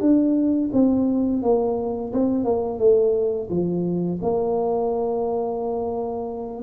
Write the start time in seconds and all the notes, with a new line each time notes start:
0.00 D4
0.72 C4
1.42 A#3
2.12 C4
2.44 A#3
2.78 A3
3.49 F3
4.21 A#3